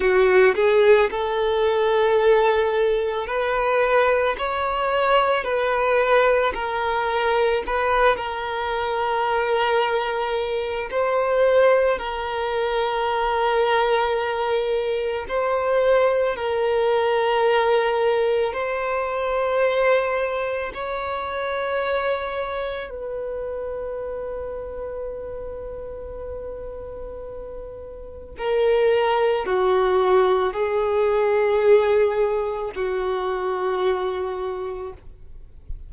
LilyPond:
\new Staff \with { instrumentName = "violin" } { \time 4/4 \tempo 4 = 55 fis'8 gis'8 a'2 b'4 | cis''4 b'4 ais'4 b'8 ais'8~ | ais'2 c''4 ais'4~ | ais'2 c''4 ais'4~ |
ais'4 c''2 cis''4~ | cis''4 b'2.~ | b'2 ais'4 fis'4 | gis'2 fis'2 | }